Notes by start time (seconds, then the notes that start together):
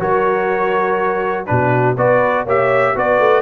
0.00 F#3 F#4 A#4 C#5
1.46 B2 D4 F#4 B4
1.97 B3 F#4 B4 D5
2.45 A#3 G4 C#5 E5
2.95 B3 F#4 B4 D5
3.20 A3